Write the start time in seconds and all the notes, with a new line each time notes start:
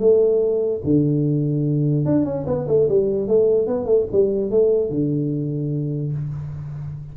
0.00 A3
0.84 D3
2.06 D4
2.25 C#4
2.47 B3
2.68 A3
2.89 G3
3.28 A3
3.67 B3
3.86 A3
4.12 G3
4.51 A3
4.90 D3